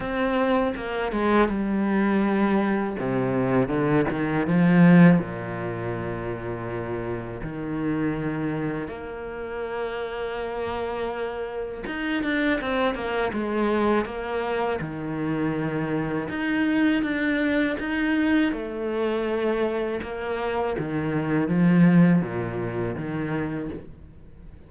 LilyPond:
\new Staff \with { instrumentName = "cello" } { \time 4/4 \tempo 4 = 81 c'4 ais8 gis8 g2 | c4 d8 dis8 f4 ais,4~ | ais,2 dis2 | ais1 |
dis'8 d'8 c'8 ais8 gis4 ais4 | dis2 dis'4 d'4 | dis'4 a2 ais4 | dis4 f4 ais,4 dis4 | }